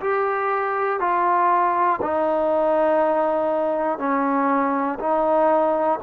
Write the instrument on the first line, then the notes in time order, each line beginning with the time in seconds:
trombone
0.00 G4
1.00 F4
2.01 D#4
3.99 C#4
4.99 D#4